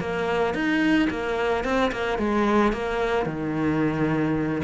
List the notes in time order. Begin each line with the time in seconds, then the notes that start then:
0.00 A#3
0.54 D#4
1.10 A#3
1.64 C4
1.91 A#3
2.18 G#3
2.72 A#3
3.25 D#3